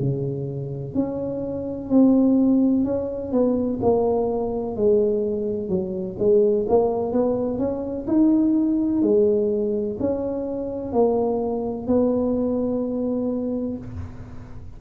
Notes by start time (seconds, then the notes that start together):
0.00 C#3
0.95 C#4
1.90 C4
2.85 C#4
3.32 B3
3.82 A#3
4.77 G#3
5.69 F#3
6.19 G#3
6.69 A#3
7.13 B3
7.59 C#4
8.08 D#4
9.02 G#3
10.00 C#4
10.93 A#3
11.87 B3